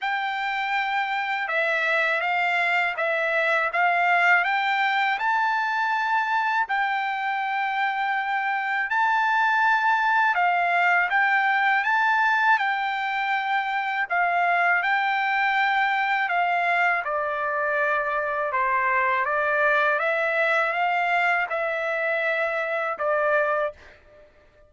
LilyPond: \new Staff \with { instrumentName = "trumpet" } { \time 4/4 \tempo 4 = 81 g''2 e''4 f''4 | e''4 f''4 g''4 a''4~ | a''4 g''2. | a''2 f''4 g''4 |
a''4 g''2 f''4 | g''2 f''4 d''4~ | d''4 c''4 d''4 e''4 | f''4 e''2 d''4 | }